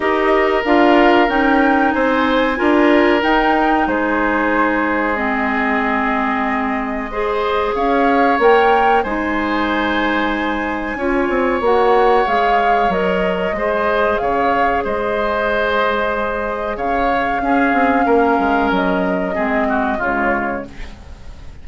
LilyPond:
<<
  \new Staff \with { instrumentName = "flute" } { \time 4/4 \tempo 4 = 93 dis''4 f''4 g''4 gis''4~ | gis''4 g''4 c''2 | dis''1 | f''4 g''4 gis''2~ |
gis''2 fis''4 f''4 | dis''2 f''4 dis''4~ | dis''2 f''2~ | f''4 dis''2 cis''4 | }
  \new Staff \with { instrumentName = "oboe" } { \time 4/4 ais'2. c''4 | ais'2 gis'2~ | gis'2. c''4 | cis''2 c''2~ |
c''4 cis''2.~ | cis''4 c''4 cis''4 c''4~ | c''2 cis''4 gis'4 | ais'2 gis'8 fis'8 f'4 | }
  \new Staff \with { instrumentName = "clarinet" } { \time 4/4 g'4 f'4 dis'2 | f'4 dis'2. | c'2. gis'4~ | gis'4 ais'4 dis'2~ |
dis'4 f'4 fis'4 gis'4 | ais'4 gis'2.~ | gis'2. cis'4~ | cis'2 c'4 gis4 | }
  \new Staff \with { instrumentName = "bassoon" } { \time 4/4 dis'4 d'4 cis'4 c'4 | d'4 dis'4 gis2~ | gis1 | cis'4 ais4 gis2~ |
gis4 cis'8 c'8 ais4 gis4 | fis4 gis4 cis4 gis4~ | gis2 cis4 cis'8 c'8 | ais8 gis8 fis4 gis4 cis4 | }
>>